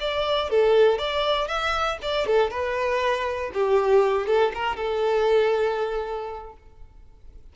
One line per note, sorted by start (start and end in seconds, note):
0.00 0.50 D5
0.50 0.98 A4
0.98 1.47 D5
1.47 1.98 E5
2.02 2.26 D5
2.26 2.50 A4
2.50 3.51 B4
3.53 4.27 G4
4.27 4.52 A4
4.54 4.76 A#4
4.76 6.52 A4